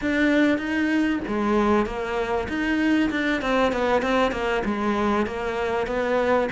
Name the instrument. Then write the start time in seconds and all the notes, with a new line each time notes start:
cello
0.01 D4
0.57 D#4
1.27 G#3
1.86 A#3
2.48 D#4
3.10 D4
3.41 C4
3.72 B3
4.01 C4
4.31 A#3
4.64 G#3
5.26 A#3
5.86 B3